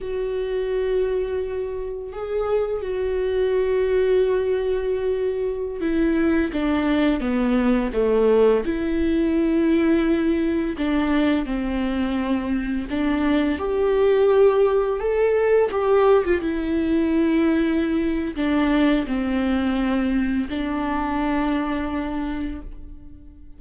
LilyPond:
\new Staff \with { instrumentName = "viola" } { \time 4/4 \tempo 4 = 85 fis'2. gis'4 | fis'1~ | fis'16 e'4 d'4 b4 a8.~ | a16 e'2. d'8.~ |
d'16 c'2 d'4 g'8.~ | g'4~ g'16 a'4 g'8. f'16 e'8.~ | e'2 d'4 c'4~ | c'4 d'2. | }